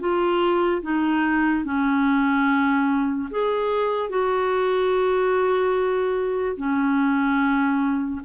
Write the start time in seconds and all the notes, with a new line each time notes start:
0.00 F4
0.83 D#4
1.65 C#4
3.31 G#4
4.09 F#4
6.57 C#4